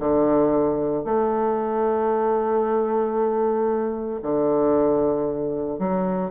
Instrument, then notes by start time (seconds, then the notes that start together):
bassoon
0.00 D3
1.05 A3
4.23 D3
5.79 F#3